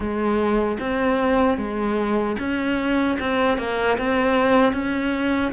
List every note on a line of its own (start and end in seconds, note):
0.00 0.78 G#3
0.79 1.57 C4
1.57 2.36 G#3
2.39 3.18 C#4
3.19 3.58 C4
3.58 3.97 A#3
3.98 4.72 C4
4.72 5.51 C#4